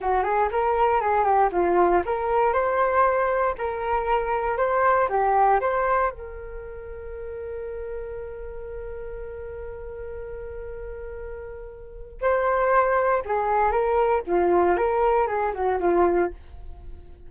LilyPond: \new Staff \with { instrumentName = "flute" } { \time 4/4 \tempo 4 = 118 fis'8 gis'8 ais'4 gis'8 g'8 f'4 | ais'4 c''2 ais'4~ | ais'4 c''4 g'4 c''4 | ais'1~ |
ais'1~ | ais'1 | c''2 gis'4 ais'4 | f'4 ais'4 gis'8 fis'8 f'4 | }